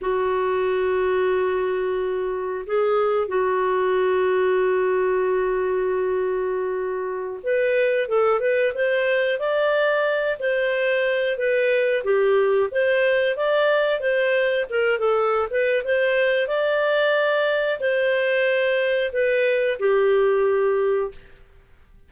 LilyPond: \new Staff \with { instrumentName = "clarinet" } { \time 4/4 \tempo 4 = 91 fis'1 | gis'4 fis'2.~ | fis'2.~ fis'16 b'8.~ | b'16 a'8 b'8 c''4 d''4. c''16~ |
c''4~ c''16 b'4 g'4 c''8.~ | c''16 d''4 c''4 ais'8 a'8. b'8 | c''4 d''2 c''4~ | c''4 b'4 g'2 | }